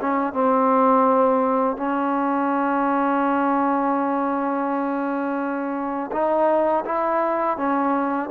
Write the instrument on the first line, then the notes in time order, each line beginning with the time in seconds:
trombone
0.00 C#4
0.33 C4
1.77 C#4
6.12 D#4
6.85 E4
7.57 C#4